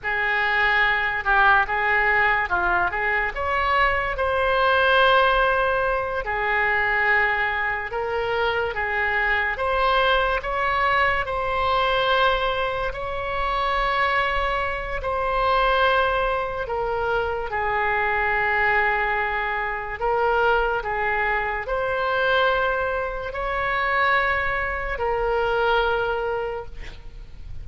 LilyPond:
\new Staff \with { instrumentName = "oboe" } { \time 4/4 \tempo 4 = 72 gis'4. g'8 gis'4 f'8 gis'8 | cis''4 c''2~ c''8 gis'8~ | gis'4. ais'4 gis'4 c''8~ | c''8 cis''4 c''2 cis''8~ |
cis''2 c''2 | ais'4 gis'2. | ais'4 gis'4 c''2 | cis''2 ais'2 | }